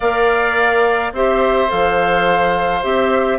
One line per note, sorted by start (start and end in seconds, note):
0.00 1.12 A#3
0.00 1.14 A#4
0.00 1.12 D5
0.00 1.13 F5
1.12 1.69 C4
1.12 1.67 G4
1.12 3.38 C5
1.12 1.70 E5
1.67 2.83 F3
1.67 2.81 A4
1.67 2.83 F5
2.82 3.38 C4
2.82 3.38 G4
2.82 3.38 E5